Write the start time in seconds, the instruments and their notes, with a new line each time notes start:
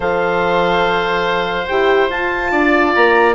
0.00 bassoon F3, horn A4, oboe C5, clarinet F5
1.67 bassoon E4, horn G4, clarinet G5
2.09 horn F4, bassoon F4, clarinet A5
2.51 bassoon D4, oboe D5
2.94 bassoon A#3, clarinet A#5